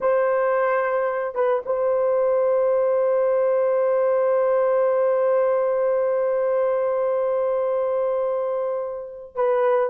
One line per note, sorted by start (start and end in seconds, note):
0.00 1.34 C5
1.34 1.62 B4
1.65 9.35 C5
9.35 9.90 B4